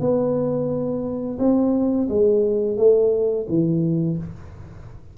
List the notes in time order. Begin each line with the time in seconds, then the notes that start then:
0.00 B3
1.39 C4
2.09 G#3
2.77 A3
3.49 E3